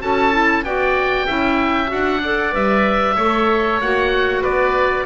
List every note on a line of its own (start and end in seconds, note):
0.00 0.63 C#4
0.00 0.31 F#4
0.00 0.65 A4
0.00 0.64 A5
0.31 0.63 E4
0.63 1.26 B3
0.63 1.27 F#4
0.63 1.26 D5
0.63 1.90 G5
1.26 1.91 C#4
1.26 1.86 E4
1.26 2.21 E5
1.86 2.53 D4
1.86 2.18 F#4
1.86 2.54 F#5
2.22 2.51 A4
2.22 3.15 D5
2.51 3.16 G3
2.51 3.14 B4
2.51 3.80 E5
3.15 3.80 A3
3.15 3.82 A4
3.15 4.41 C#5
3.80 4.43 A#3
3.80 5.05 F#4
3.80 4.43 F#5
4.41 5.05 B3
4.41 5.04 B4
4.41 5.05 D5